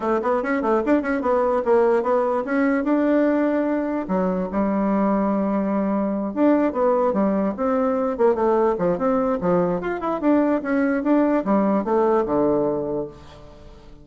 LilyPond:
\new Staff \with { instrumentName = "bassoon" } { \time 4/4 \tempo 4 = 147 a8 b8 cis'8 a8 d'8 cis'8 b4 | ais4 b4 cis'4 d'4~ | d'2 fis4 g4~ | g2.~ g8 d'8~ |
d'8 b4 g4 c'4. | ais8 a4 f8 c'4 f4 | f'8 e'8 d'4 cis'4 d'4 | g4 a4 d2 | }